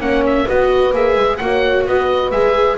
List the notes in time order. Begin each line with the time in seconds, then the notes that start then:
0.00 A#3 C#4 C#5 F#5
0.26 E5
0.45 B3 F#4 B4 D#5
0.93 A#3 G#4 E5
1.16 G#3
1.37 A#3 F#4 F#5
1.44 C#5
1.86 B3 B4 D#5
2.31 G#3 G#4 E5